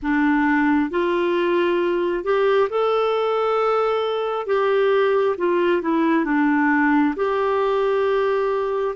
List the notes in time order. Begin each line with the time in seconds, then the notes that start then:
0.02 D4
0.90 F4
2.23 G4
2.69 A4
4.46 G4
5.37 F4
5.82 E4
6.24 D4
7.16 G4